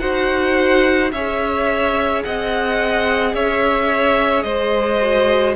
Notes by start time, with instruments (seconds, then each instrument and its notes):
0.00 cello D#4, viola F#4, violin C5 F#5
1.12 cello C#4, viola G#4, violin C#5 E5
2.24 cello C4, violin D#5 F#5
3.34 cello C#4, violin C#5 E5
4.43 cello G#3, violin C5 D#5
5.01 viola F#4